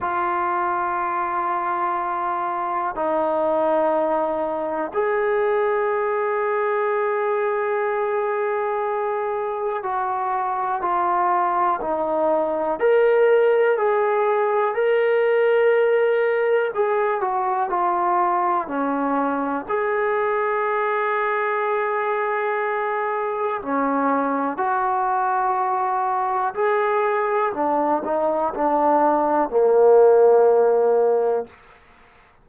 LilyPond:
\new Staff \with { instrumentName = "trombone" } { \time 4/4 \tempo 4 = 61 f'2. dis'4~ | dis'4 gis'2.~ | gis'2 fis'4 f'4 | dis'4 ais'4 gis'4 ais'4~ |
ais'4 gis'8 fis'8 f'4 cis'4 | gis'1 | cis'4 fis'2 gis'4 | d'8 dis'8 d'4 ais2 | }